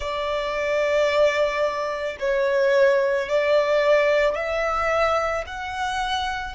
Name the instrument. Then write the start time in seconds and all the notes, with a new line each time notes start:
violin
0.00 D5
2.19 C#5
3.28 D5
4.35 E5
5.46 F#5